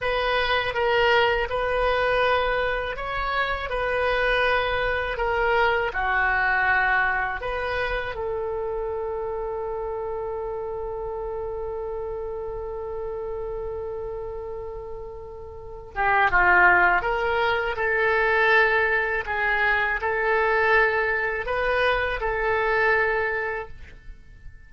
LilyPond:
\new Staff \with { instrumentName = "oboe" } { \time 4/4 \tempo 4 = 81 b'4 ais'4 b'2 | cis''4 b'2 ais'4 | fis'2 b'4 a'4~ | a'1~ |
a'1~ | a'4. g'8 f'4 ais'4 | a'2 gis'4 a'4~ | a'4 b'4 a'2 | }